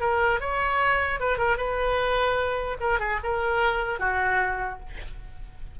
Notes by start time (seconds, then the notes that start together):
0.00 A#4
0.40 C#5
1.20 B4
1.38 A#4
1.57 B4
2.80 A#4
2.99 G#4
3.23 A#4
3.99 F#4